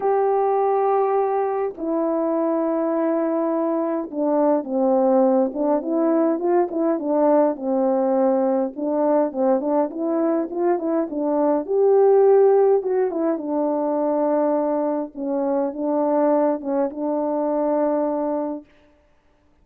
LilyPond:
\new Staff \with { instrumentName = "horn" } { \time 4/4 \tempo 4 = 103 g'2. e'4~ | e'2. d'4 | c'4. d'8 e'4 f'8 e'8 | d'4 c'2 d'4 |
c'8 d'8 e'4 f'8 e'8 d'4 | g'2 fis'8 e'8 d'4~ | d'2 cis'4 d'4~ | d'8 cis'8 d'2. | }